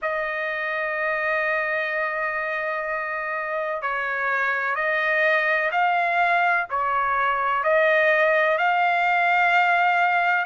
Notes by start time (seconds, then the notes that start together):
0.02 D#5
3.81 C#5
4.75 D#5
5.71 F5
6.69 C#5
7.63 D#5
8.58 F5